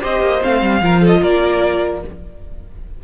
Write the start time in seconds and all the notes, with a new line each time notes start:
0.00 C4 G4 C5 D#5
0.20 A#3
0.41 A3 C4 F5
0.61 G3
0.81 F3 F4 A#4
1.00 A4 D#5
1.21 A#3 A#4 D5